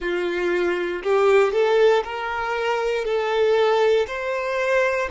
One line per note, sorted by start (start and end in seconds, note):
0.00 1.02 F4
1.03 1.52 G4
1.52 2.03 A4
2.03 3.04 A#4
3.04 4.06 A4
4.07 5.08 C5